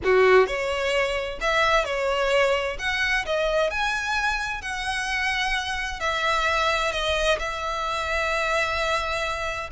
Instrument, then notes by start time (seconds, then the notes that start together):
violin
0.03 F#4
0.46 C#5
1.40 E5
1.84 C#5
2.79 F#5
3.25 D#5
3.70 G#5
4.61 F#5
5.99 E5
6.91 D#5
7.39 E5